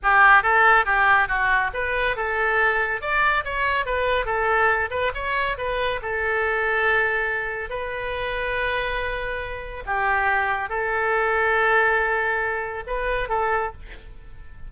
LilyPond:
\new Staff \with { instrumentName = "oboe" } { \time 4/4 \tempo 4 = 140 g'4 a'4 g'4 fis'4 | b'4 a'2 d''4 | cis''4 b'4 a'4. b'8 | cis''4 b'4 a'2~ |
a'2 b'2~ | b'2. g'4~ | g'4 a'2.~ | a'2 b'4 a'4 | }